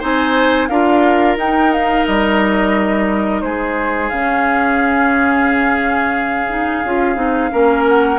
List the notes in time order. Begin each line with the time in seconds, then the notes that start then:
0.00 C4 D#4 C5 G#5
0.68 D4 F4 A#4 F5
1.37 D#4 G5
1.73 F5
2.05 G3 D#5
3.41 G#3 G#4 C5
4.09 C#3 C#4 F5
6.49 D#4
6.84 C#4 F4
7.15 C4 D#4
7.51 A#3 C#4 A#4
7.88 F#5